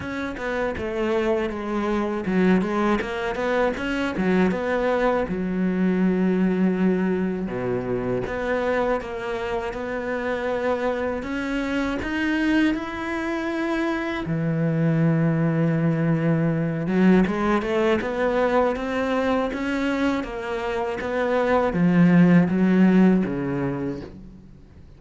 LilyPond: \new Staff \with { instrumentName = "cello" } { \time 4/4 \tempo 4 = 80 cis'8 b8 a4 gis4 fis8 gis8 | ais8 b8 cis'8 fis8 b4 fis4~ | fis2 b,4 b4 | ais4 b2 cis'4 |
dis'4 e'2 e4~ | e2~ e8 fis8 gis8 a8 | b4 c'4 cis'4 ais4 | b4 f4 fis4 cis4 | }